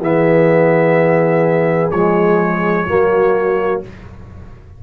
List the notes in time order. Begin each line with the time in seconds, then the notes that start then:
0.00 E3 B3 G#4 E5
1.91 F3 G#3 C#5
2.87 F#3 A#3 F#4